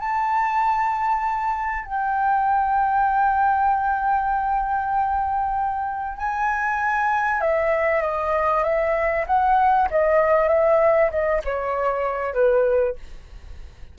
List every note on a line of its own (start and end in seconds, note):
0.00 1.85 A5
1.85 6.18 G5
6.18 7.41 G#5
7.41 8.02 E5
8.02 8.64 D#5
8.64 9.26 E5
9.27 9.89 F#5
9.91 10.49 D#5
10.49 11.11 E5
11.11 11.42 D#5
11.45 12.34 C#5
12.34 12.96 B4